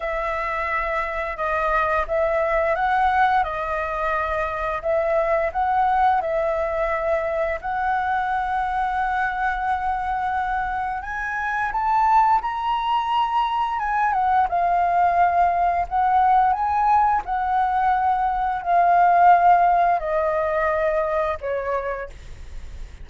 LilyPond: \new Staff \with { instrumentName = "flute" } { \time 4/4 \tempo 4 = 87 e''2 dis''4 e''4 | fis''4 dis''2 e''4 | fis''4 e''2 fis''4~ | fis''1 |
gis''4 a''4 ais''2 | gis''8 fis''8 f''2 fis''4 | gis''4 fis''2 f''4~ | f''4 dis''2 cis''4 | }